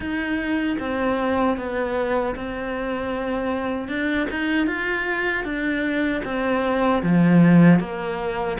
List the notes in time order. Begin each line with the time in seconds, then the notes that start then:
0.00 D#4
0.79 C4
1.57 B3
2.35 C4
3.88 D4
4.30 D#4
4.66 F4
5.44 D4
6.24 C4
7.03 F3
7.79 A#3